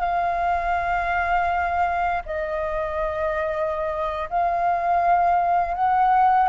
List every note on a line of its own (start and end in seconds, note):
0.00 2.22 F5
2.25 4.29 D#5
4.30 5.74 F5
5.74 6.48 F#5